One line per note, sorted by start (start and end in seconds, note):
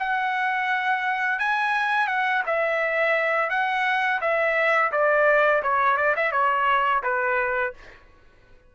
0.00 1.39 F#5
1.39 2.08 G#5
2.08 2.43 F#5
2.46 3.50 E5
3.50 4.21 F#5
4.21 4.92 E5
4.92 5.63 D5
5.63 5.97 C#5
5.97 6.15 D5
6.17 6.32 E5
6.32 7.03 C#5
7.03 7.74 B4